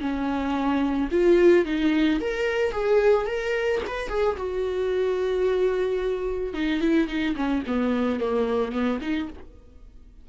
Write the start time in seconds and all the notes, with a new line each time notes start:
0.00 C#4
1.11 F4
1.65 D#4
2.20 A#4
2.72 G#4
3.27 A#4
3.87 B4
4.09 G#4
4.37 F#4
6.54 D#4
6.81 E4
7.08 D#4
7.36 C#4
7.67 B3
8.20 A#3
8.72 B3
9.01 D#4